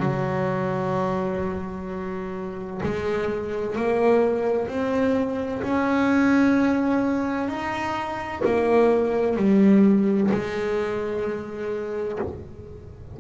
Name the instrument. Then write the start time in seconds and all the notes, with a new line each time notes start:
double bass
0.00 F#3
2.83 G#3
3.76 A#3
4.68 C4
5.63 C#4
7.49 D#4
8.45 A#3
9.37 G3
10.32 G#3